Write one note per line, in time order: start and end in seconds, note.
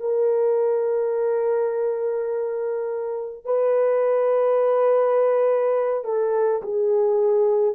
0.00 3.45 A#4
3.45 6.04 B4
6.04 6.62 A4
6.62 7.75 G#4